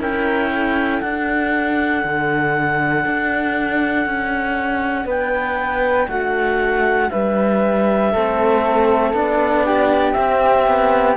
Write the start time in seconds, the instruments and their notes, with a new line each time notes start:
0.00 cello C#4 E4, flute A#4, clarinet G5
0.49 flute A4
1.01 cello D4, clarinet F#5
2.04 cello D3
3.06 cello D4
4.06 cello C#4
5.06 cello B3, flute B4, clarinet G5
6.08 cello A3, flute F#4, clarinet F#5
7.10 cello G3, flute B4, clarinet E5
8.13 cello A3 C4, flute A4
9.13 cello B3 D4, clarinet D5
9.65 flute G4
10.12 cello C4, clarinet E5
10.67 cello B3